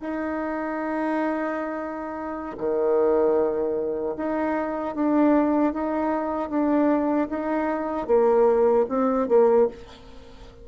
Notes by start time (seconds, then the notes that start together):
0.00 D#4
2.57 D#3
4.17 D#4
4.95 D4
5.73 D#4
6.49 D4
7.29 D#4
8.07 A#3
8.89 C4
9.28 A#3